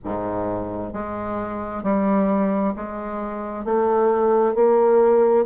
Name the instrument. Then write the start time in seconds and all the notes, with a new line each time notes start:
bassoon
0.04 G#2
0.93 G#3
1.83 G3
2.76 G#3
3.64 A3
4.55 A#3